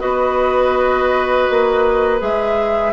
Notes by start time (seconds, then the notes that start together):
0.00 B3 F#4 B4 D#5
1.50 A#3
2.20 G#3 G#4 E5